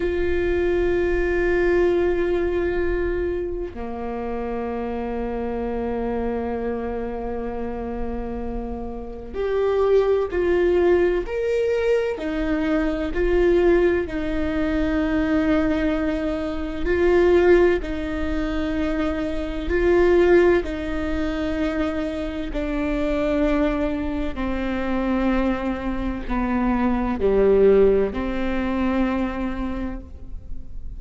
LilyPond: \new Staff \with { instrumentName = "viola" } { \time 4/4 \tempo 4 = 64 f'1 | ais1~ | ais2 g'4 f'4 | ais'4 dis'4 f'4 dis'4~ |
dis'2 f'4 dis'4~ | dis'4 f'4 dis'2 | d'2 c'2 | b4 g4 c'2 | }